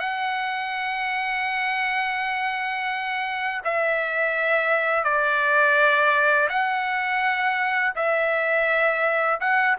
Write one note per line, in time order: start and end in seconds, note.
0.00 3.61 F#5
3.64 5.04 E5
5.04 6.49 D5
6.49 7.94 F#5
7.96 9.40 E5
9.41 9.77 F#5